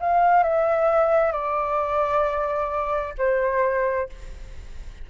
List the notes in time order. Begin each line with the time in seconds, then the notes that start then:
0.00 F5
0.43 E5
1.32 D5
3.18 C5